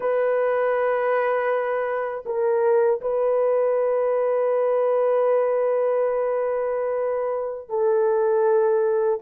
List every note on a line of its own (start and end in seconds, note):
0.00 2.24 B4
2.25 3.00 A#4
3.01 7.69 B4
7.69 9.19 A4